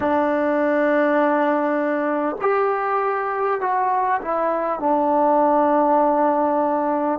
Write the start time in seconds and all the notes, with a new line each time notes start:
0.00 D4
2.41 G4
3.61 F#4
4.21 E4
4.79 D4